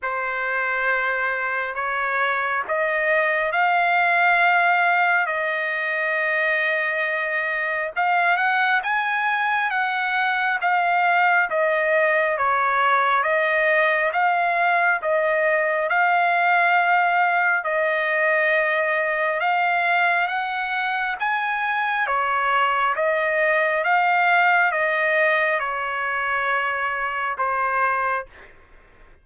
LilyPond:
\new Staff \with { instrumentName = "trumpet" } { \time 4/4 \tempo 4 = 68 c''2 cis''4 dis''4 | f''2 dis''2~ | dis''4 f''8 fis''8 gis''4 fis''4 | f''4 dis''4 cis''4 dis''4 |
f''4 dis''4 f''2 | dis''2 f''4 fis''4 | gis''4 cis''4 dis''4 f''4 | dis''4 cis''2 c''4 | }